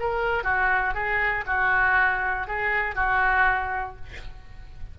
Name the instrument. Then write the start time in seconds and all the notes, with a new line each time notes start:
oboe
0.00 A#4
0.44 F#4
0.95 G#4
1.47 F#4
2.48 G#4
2.96 F#4